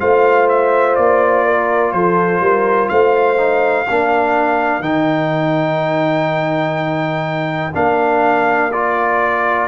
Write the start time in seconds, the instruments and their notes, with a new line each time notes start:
0.00 tuba A3, trombone F4, horn C5, trumpet F5
0.49 trumpet E5
0.96 tuba A#3, trumpet D5
1.46 horn A#4
1.92 tuba F3, horn A4, trumpet C5
2.41 tuba G3, horn A#4
2.89 tuba A3, horn C5, trumpet F5
3.37 trombone D#4
3.87 tuba A#3, trombone D4, horn A#4
4.80 tuba D#3, trombone D#4, trumpet G5
7.74 tuba A#3, trombone D4, trumpet F5
8.72 trombone F4, trumpet D5